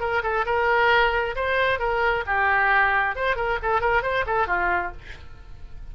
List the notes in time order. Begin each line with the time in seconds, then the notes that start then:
0.00 A#4
0.23 A4
0.46 A#4
1.36 C5
1.79 A#4
2.27 G4
3.16 C5
3.36 A#4
3.62 A4
3.81 A#4
4.03 C5
4.27 A4
4.47 F4